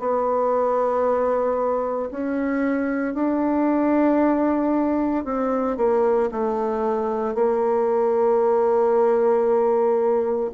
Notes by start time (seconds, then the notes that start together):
0.00 B3
2.11 C#4
3.15 D4
5.25 C4
5.78 A#3
6.32 A3
7.35 A#3